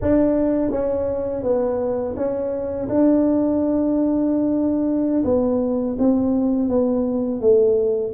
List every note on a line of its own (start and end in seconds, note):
0.01 0.70 D4
0.70 1.43 C#4
1.43 2.15 B3
2.16 2.88 C#4
2.88 5.23 D4
5.24 5.96 B3
5.98 6.69 C4
6.69 7.41 B3
7.41 8.13 A3